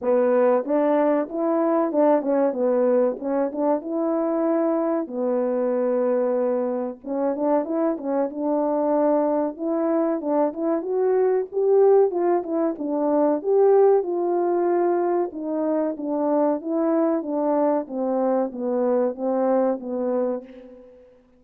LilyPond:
\new Staff \with { instrumentName = "horn" } { \time 4/4 \tempo 4 = 94 b4 d'4 e'4 d'8 cis'8 | b4 cis'8 d'8 e'2 | b2. cis'8 d'8 | e'8 cis'8 d'2 e'4 |
d'8 e'8 fis'4 g'4 f'8 e'8 | d'4 g'4 f'2 | dis'4 d'4 e'4 d'4 | c'4 b4 c'4 b4 | }